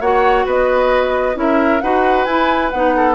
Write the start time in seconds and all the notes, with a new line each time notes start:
0.00 A#3 F#4 C#5 F#5
0.45 B3 B4 D#5
1.34 C#4 E4 A#4 E5
1.81 D#4 F#4 B4 F#5
2.24 E4 G#5
2.70 B3 D#4 F#5
2.96 A4